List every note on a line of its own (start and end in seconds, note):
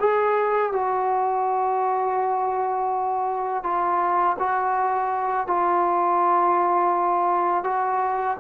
0.00 0.73 G#4
0.73 3.64 F#4
3.64 4.37 F4
4.39 5.48 F#4
5.48 7.64 F4
7.64 8.37 F#4